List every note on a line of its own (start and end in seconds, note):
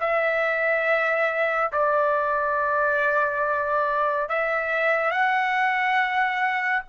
0.00 1.71 E5
1.72 4.29 D5
4.29 5.11 E5
5.11 6.82 F#5